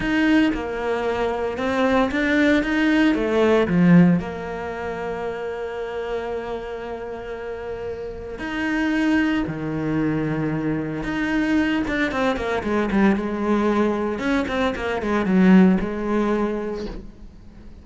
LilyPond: \new Staff \with { instrumentName = "cello" } { \time 4/4 \tempo 4 = 114 dis'4 ais2 c'4 | d'4 dis'4 a4 f4 | ais1~ | ais1 |
dis'2 dis2~ | dis4 dis'4. d'8 c'8 ais8 | gis8 g8 gis2 cis'8 c'8 | ais8 gis8 fis4 gis2 | }